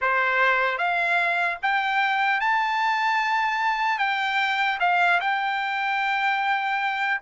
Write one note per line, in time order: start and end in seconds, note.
0.01 0.77 C5
0.77 1.57 F5
1.62 2.40 G5
2.40 3.98 A5
3.98 4.78 G5
4.80 5.20 F5
5.20 7.20 G5